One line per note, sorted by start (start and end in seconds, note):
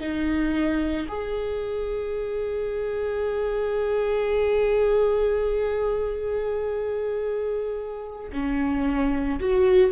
0.00 1.07 D#4
1.08 8.31 G#4
8.32 9.39 C#4
9.40 9.92 F#4